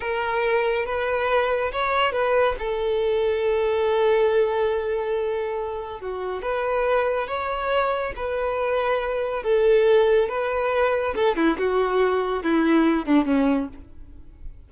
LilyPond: \new Staff \with { instrumentName = "violin" } { \time 4/4 \tempo 4 = 140 ais'2 b'2 | cis''4 b'4 a'2~ | a'1~ | a'2 fis'4 b'4~ |
b'4 cis''2 b'4~ | b'2 a'2 | b'2 a'8 e'8 fis'4~ | fis'4 e'4. d'8 cis'4 | }